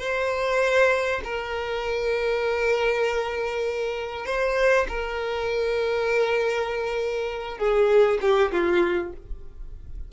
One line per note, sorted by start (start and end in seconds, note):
0.00 1.21 C5
1.24 4.26 A#4
4.26 4.87 C5
4.88 7.58 A#4
7.58 8.18 G#4
8.21 8.51 G4
8.52 9.12 F4